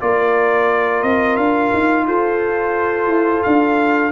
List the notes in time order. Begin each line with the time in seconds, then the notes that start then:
0.00 A#3 F4 A#4 D5
1.02 C4 D#5
1.36 D4 F5
1.73 D#4
2.06 F4 A4 C5
3.07 E4
3.43 D4 F5